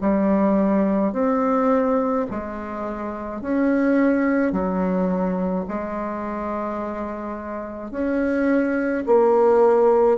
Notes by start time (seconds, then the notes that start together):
0.00 G3
1.12 C4
2.30 G#3
3.41 C#4
4.52 F#3
5.68 G#3
7.90 C#4
9.06 A#3